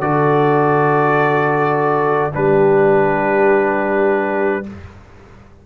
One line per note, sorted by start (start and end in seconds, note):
0.00 2.31 D3
0.00 2.32 F#4
0.00 2.34 A4
0.00 2.32 D5
2.33 4.67 G3
2.33 4.64 D4
2.33 4.66 G4
2.33 4.66 B4